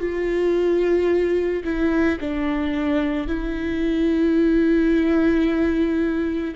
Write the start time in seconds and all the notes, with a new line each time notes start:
0.00 F4
1.65 E4
2.20 D4
3.28 E4